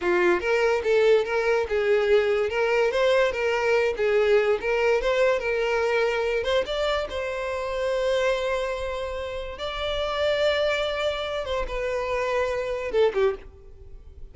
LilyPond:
\new Staff \with { instrumentName = "violin" } { \time 4/4 \tempo 4 = 144 f'4 ais'4 a'4 ais'4 | gis'2 ais'4 c''4 | ais'4. gis'4. ais'4 | c''4 ais'2~ ais'8 c''8 |
d''4 c''2.~ | c''2. d''4~ | d''2.~ d''8 c''8 | b'2. a'8 g'8 | }